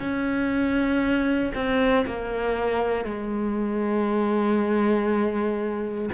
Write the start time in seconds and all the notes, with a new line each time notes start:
0.00 C#4
1.54 C4
2.06 A#3
3.05 G#3